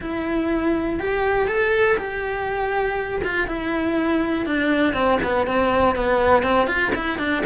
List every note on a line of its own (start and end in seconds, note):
0.00 0.99 E4
0.99 1.47 G4
1.47 1.97 A4
1.97 3.21 G4
3.24 3.47 F4
3.47 4.46 E4
4.46 4.93 D4
4.93 5.18 C4
5.23 5.47 B3
5.47 5.95 C4
5.95 6.42 B3
6.42 6.67 C4
6.67 6.92 F4
6.95 7.18 E4
7.18 7.43 D4